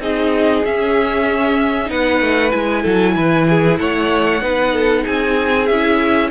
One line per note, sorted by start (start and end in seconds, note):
0.00 0.63 C4
0.00 0.64 D#4
0.00 1.90 G#4
0.00 0.65 D#5
0.65 1.90 C#4
0.65 1.86 C#4
0.65 1.91 E5
1.86 2.21 B3
1.86 2.49 D#4
1.86 2.82 B4
1.86 2.51 F#5
2.21 2.52 A3
2.51 2.85 G#3
2.51 4.41 E4
2.51 3.78 G#5
2.82 3.16 F#3
2.82 3.14 A4
3.16 3.80 E3
3.16 3.48 B4
3.49 3.80 G#4
3.79 4.42 A3
3.79 4.42 C#5
3.79 5.05 F#5
4.42 5.05 B3
4.42 5.68 D#4
4.42 4.73 B4
4.73 5.03 A4
5.03 5.70 C4
5.03 6.29 G#4
5.03 5.67 G#5
5.67 6.31 C#4
5.67 6.31 E4
5.67 6.30 E5